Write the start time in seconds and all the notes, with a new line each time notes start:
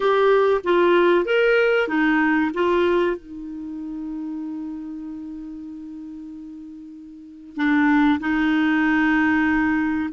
0.00 G4
0.63 F4
1.25 A#4
1.88 D#4
2.54 F4
3.16 D#4
7.56 D4
8.20 D#4